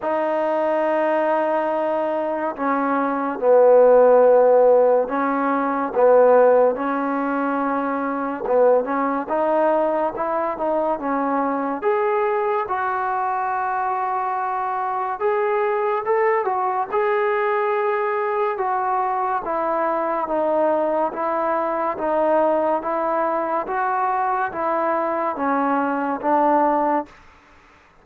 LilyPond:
\new Staff \with { instrumentName = "trombone" } { \time 4/4 \tempo 4 = 71 dis'2. cis'4 | b2 cis'4 b4 | cis'2 b8 cis'8 dis'4 | e'8 dis'8 cis'4 gis'4 fis'4~ |
fis'2 gis'4 a'8 fis'8 | gis'2 fis'4 e'4 | dis'4 e'4 dis'4 e'4 | fis'4 e'4 cis'4 d'4 | }